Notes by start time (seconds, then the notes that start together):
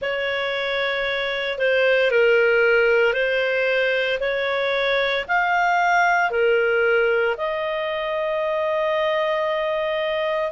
0.01 C#5
1.58 C5
2.11 A#4
3.13 C5
4.20 C#5
5.28 F5
6.30 A#4
7.37 D#5